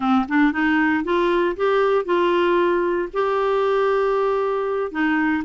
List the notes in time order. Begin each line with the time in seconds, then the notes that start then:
0.00 C4
0.28 D4
0.52 D#4
1.04 F4
1.56 G4
2.05 F4
3.13 G4
4.91 D#4